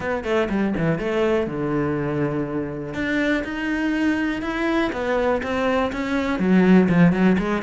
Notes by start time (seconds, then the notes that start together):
0.00 B3
0.23 A3
0.49 G3
0.77 E3
0.98 A3
1.46 D3
2.94 D4
3.44 D#4
4.42 E4
4.92 B3
5.42 C4
5.92 C#4
6.39 F#3
6.88 F3
7.12 F#3
7.38 G#3